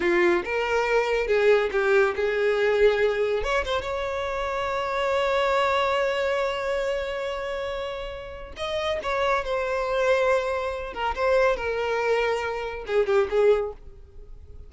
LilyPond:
\new Staff \with { instrumentName = "violin" } { \time 4/4 \tempo 4 = 140 f'4 ais'2 gis'4 | g'4 gis'2. | cis''8 c''8 cis''2.~ | cis''1~ |
cis''1 | dis''4 cis''4 c''2~ | c''4. ais'8 c''4 ais'4~ | ais'2 gis'8 g'8 gis'4 | }